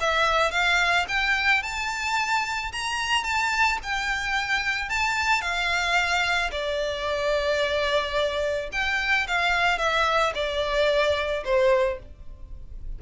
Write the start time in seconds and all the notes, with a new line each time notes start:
0.00 E5
0.51 F5
1.08 G5
1.62 A5
2.72 A#5
3.24 A5
3.83 G5
4.89 A5
5.41 F5
6.51 D5
8.72 G5
9.27 F5
9.78 E5
10.35 D5
11.44 C5